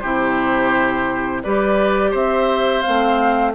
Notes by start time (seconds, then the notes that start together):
0.00 C3 E4 G4 C5
1.43 G3 G4 B4 D5
2.11 C4 C5 E5
2.82 C4 F5
2.88 A3